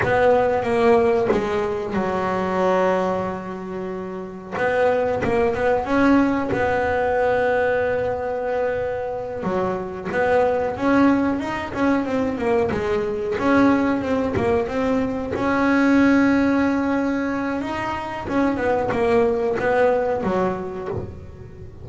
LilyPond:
\new Staff \with { instrumentName = "double bass" } { \time 4/4 \tempo 4 = 92 b4 ais4 gis4 fis4~ | fis2. b4 | ais8 b8 cis'4 b2~ | b2~ b8 fis4 b8~ |
b8 cis'4 dis'8 cis'8 c'8 ais8 gis8~ | gis8 cis'4 c'8 ais8 c'4 cis'8~ | cis'2. dis'4 | cis'8 b8 ais4 b4 fis4 | }